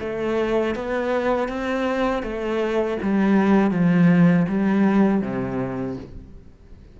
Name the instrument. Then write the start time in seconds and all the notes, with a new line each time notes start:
cello
0.00 A3
0.75 B3
1.48 C4
2.23 A3
3.02 G3
3.71 F3
4.48 G3
5.22 C3